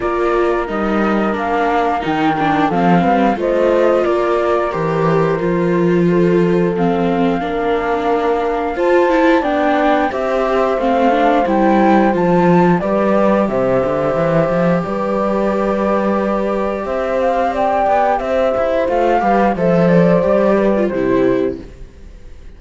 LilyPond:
<<
  \new Staff \with { instrumentName = "flute" } { \time 4/4 \tempo 4 = 89 d''4 dis''4 f''4 g''4 | f''4 dis''4 d''4 c''4~ | c''2 f''2~ | f''4 a''4 g''4 e''4 |
f''4 g''4 a''4 d''4 | e''2 d''2~ | d''4 e''8 f''8 g''4 e''4 | f''4 e''8 d''4. c''4 | }
  \new Staff \with { instrumentName = "horn" } { \time 4/4 ais'1 | a'8 b'8 c''4 ais'2~ | ais'4 a'2 ais'4~ | ais'4 c''4 d''4 c''4~ |
c''2. b'4 | c''2 b'2~ | b'4 c''4 d''4 c''4~ | c''8 b'8 c''4. b'8 g'4 | }
  \new Staff \with { instrumentName = "viola" } { \time 4/4 f'4 dis'4 d'4 dis'8 d'8 | c'4 f'2 g'4 | f'2 c'4 d'4~ | d'4 f'8 e'8 d'4 g'4 |
c'8 d'8 e'4 f'4 g'4~ | g'1~ | g'1 | f'8 g'8 a'4 g'8. f'16 e'4 | }
  \new Staff \with { instrumentName = "cello" } { \time 4/4 ais4 g4 ais4 dis4 | f8 g8 a4 ais4 e4 | f2. ais4~ | ais4 f'4 b4 c'4 |
a4 g4 f4 g4 | c8 d8 e8 f8 g2~ | g4 c'4. b8 c'8 e'8 | a8 g8 f4 g4 c4 | }
>>